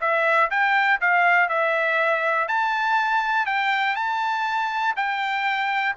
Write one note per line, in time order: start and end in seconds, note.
0.00 0.50 E5
0.50 1.00 G5
1.01 1.49 F5
1.49 2.48 E5
2.48 3.46 A5
3.46 3.95 G5
3.95 4.94 A5
4.96 5.95 G5